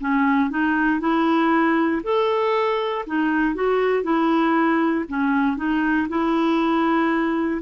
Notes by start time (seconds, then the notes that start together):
0.00 C#4
0.50 D#4
1.00 E4
2.03 A4
3.06 D#4
3.55 F#4
4.03 E4
5.08 C#4
5.57 D#4
6.09 E4